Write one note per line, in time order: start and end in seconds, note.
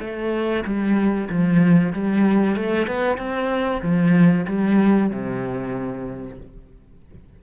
0.00 0.64 A3
0.65 1.29 G3
1.30 1.93 F3
1.93 2.56 G3
2.56 2.87 A3
2.87 3.17 B3
3.17 3.81 C4
3.82 4.46 F3
4.47 5.10 G3
5.10 6.38 C3